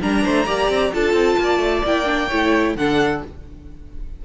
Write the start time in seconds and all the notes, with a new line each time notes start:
0.00 G3 D4 A#4 A#5
0.23 A3 C5
0.46 A#3 G4 D5
0.69 C4
0.93 D4 F4 A4 A5
1.13 C4
1.37 A#3 D5
1.59 A3
1.85 A#3 E4 G5
2.05 D4
2.28 A3 E4 C#5
2.75 D3 D4 A4 F#5